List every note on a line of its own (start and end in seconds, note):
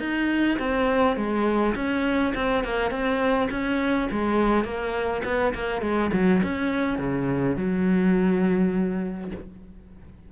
0.00 0.58 D#4
0.59 1.17 C4
1.17 1.75 G#3
1.76 2.34 C#4
2.35 2.64 C4
2.64 2.91 A#3
2.91 3.49 C4
3.51 4.09 C#4
4.12 4.65 G#3
4.65 5.23 A#3
5.25 5.54 B3
5.55 5.82 A#3
5.82 6.11 G#3
6.13 6.42 F#3
6.43 6.99 C#4
6.99 7.57 C#3
7.57 9.32 F#3